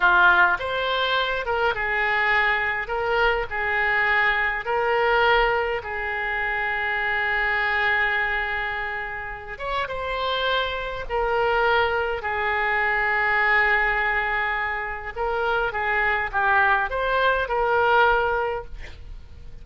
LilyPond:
\new Staff \with { instrumentName = "oboe" } { \time 4/4 \tempo 4 = 103 f'4 c''4. ais'8 gis'4~ | gis'4 ais'4 gis'2 | ais'2 gis'2~ | gis'1~ |
gis'8 cis''8 c''2 ais'4~ | ais'4 gis'2.~ | gis'2 ais'4 gis'4 | g'4 c''4 ais'2 | }